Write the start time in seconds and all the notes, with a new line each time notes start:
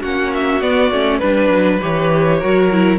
0.00 A#3 C#4 F#4 F#5
0.34 E5
0.61 B3 D5
0.90 A3 C#4
1.18 G3 D4 B4
1.49 F#3
1.81 E3 G4 C#5
2.39 F#3 F#4 A#4
2.71 E4